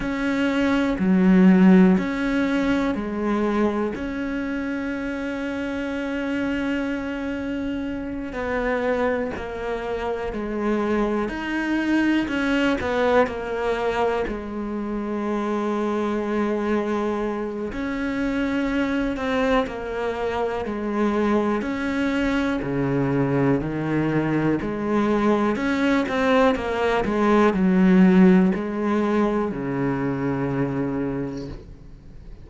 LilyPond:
\new Staff \with { instrumentName = "cello" } { \time 4/4 \tempo 4 = 61 cis'4 fis4 cis'4 gis4 | cis'1~ | cis'8 b4 ais4 gis4 dis'8~ | dis'8 cis'8 b8 ais4 gis4.~ |
gis2 cis'4. c'8 | ais4 gis4 cis'4 cis4 | dis4 gis4 cis'8 c'8 ais8 gis8 | fis4 gis4 cis2 | }